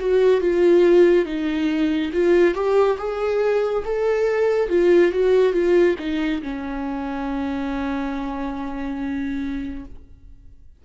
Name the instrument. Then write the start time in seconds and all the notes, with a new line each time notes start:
viola
0.00 F#4
0.41 F4
1.26 D#4
2.14 F4
2.55 G4
2.98 G#4
3.85 A4
4.69 F4
5.12 F#4
5.53 F4
5.99 D#4
6.42 C#4